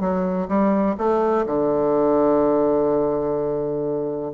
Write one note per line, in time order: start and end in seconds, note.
0.00 0.48 F#3
0.48 0.95 G3
0.97 1.45 A3
1.46 4.32 D3